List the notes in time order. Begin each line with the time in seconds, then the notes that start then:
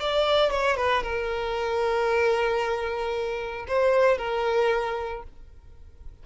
0.00 D5
0.51 C#5
0.76 B4
1.03 A#4
3.67 C5
4.17 A#4